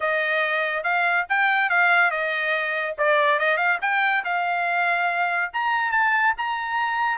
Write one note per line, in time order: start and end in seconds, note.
0.00 0.83 D#5
0.83 1.25 F5
1.29 1.69 G5
1.69 2.10 F5
2.10 2.95 D#5
2.98 3.39 D5
3.39 3.57 D#5
3.57 3.78 F5
3.81 4.24 G5
4.24 5.51 F5
5.53 5.91 A#5
5.91 6.33 A5
6.37 7.18 A#5